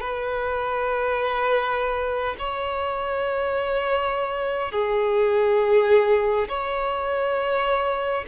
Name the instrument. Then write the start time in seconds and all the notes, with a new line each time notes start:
violin
0.00 B4
2.39 C#5
4.71 G#4
6.48 C#5